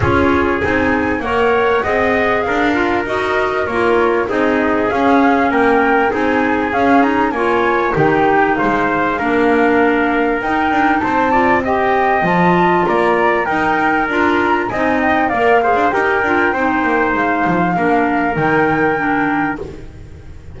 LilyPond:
<<
  \new Staff \with { instrumentName = "flute" } { \time 4/4 \tempo 4 = 98 cis''4 gis''4 fis''2 | f''4 dis''4 cis''4 dis''4 | f''4 g''4 gis''4 f''8 ais''8 | gis''4 g''4 f''2~ |
f''4 g''4 a''4 g''4 | a''4 ais''4 g''4 ais''4 | gis''8 g''8 f''4 g''2 | f''2 g''2 | }
  \new Staff \with { instrumentName = "trumpet" } { \time 4/4 gis'2 cis''4 dis''4 | ais'2. gis'4~ | gis'4 ais'4 gis'2 | cis''4 g'4 c''4 ais'4~ |
ais'2 c''8 d''8 dis''4~ | dis''4 d''4 ais'2 | dis''4 d''8 c''8 ais'4 c''4~ | c''4 ais'2. | }
  \new Staff \with { instrumentName = "clarinet" } { \time 4/4 f'4 dis'4 ais'4 gis'4~ | gis'8 f'8 fis'4 f'4 dis'4 | cis'2 dis'4 cis'8 dis'8 | f'4 dis'2 d'4~ |
d'4 dis'4. f'8 g'4 | f'2 dis'4 f'4 | dis'4 ais'8 gis'8 g'8 f'8 dis'4~ | dis'4 d'4 dis'4 d'4 | }
  \new Staff \with { instrumentName = "double bass" } { \time 4/4 cis'4 c'4 ais4 c'4 | d'4 dis'4 ais4 c'4 | cis'4 ais4 c'4 cis'4 | ais4 dis4 gis4 ais4~ |
ais4 dis'8 d'8 c'2 | f4 ais4 dis'4 d'4 | c'4 ais8. d'16 dis'8 d'8 c'8 ais8 | gis8 f8 ais4 dis2 | }
>>